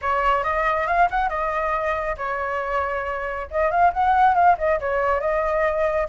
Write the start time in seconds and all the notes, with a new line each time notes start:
0.01 C#5
0.43 D#5
0.87 F5
1.10 F#5
1.29 D#5
2.17 C#5
3.51 D#5
3.70 F5
3.93 F#5
4.35 F5
4.58 D#5
4.79 C#5
5.20 D#5